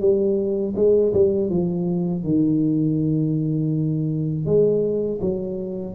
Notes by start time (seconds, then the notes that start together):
0.00 G3
0.76 G#3
1.13 G3
1.49 F3
2.24 D#3
4.45 G#3
5.21 F#3